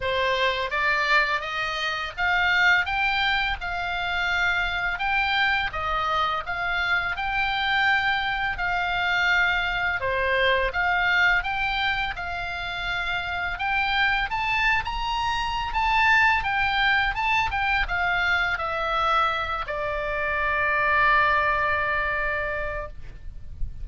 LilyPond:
\new Staff \with { instrumentName = "oboe" } { \time 4/4 \tempo 4 = 84 c''4 d''4 dis''4 f''4 | g''4 f''2 g''4 | dis''4 f''4 g''2 | f''2 c''4 f''4 |
g''4 f''2 g''4 | a''8. ais''4~ ais''16 a''4 g''4 | a''8 g''8 f''4 e''4. d''8~ | d''1 | }